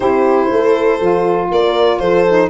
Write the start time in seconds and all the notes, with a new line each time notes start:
0.00 C4 E4 G4 C5
0.49 A3 A4
1.00 F3 F4
1.51 A#3 A#4 D5
1.99 F3 A4 C5
2.29 D#4